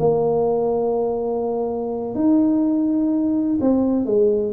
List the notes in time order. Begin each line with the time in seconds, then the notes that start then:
0.00 A#3
2.15 D#4
3.61 C4
4.06 G#3